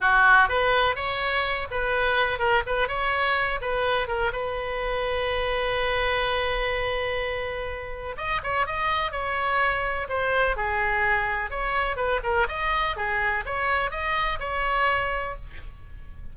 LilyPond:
\new Staff \with { instrumentName = "oboe" } { \time 4/4 \tempo 4 = 125 fis'4 b'4 cis''4. b'8~ | b'4 ais'8 b'8 cis''4. b'8~ | b'8 ais'8 b'2.~ | b'1~ |
b'4 dis''8 cis''8 dis''4 cis''4~ | cis''4 c''4 gis'2 | cis''4 b'8 ais'8 dis''4 gis'4 | cis''4 dis''4 cis''2 | }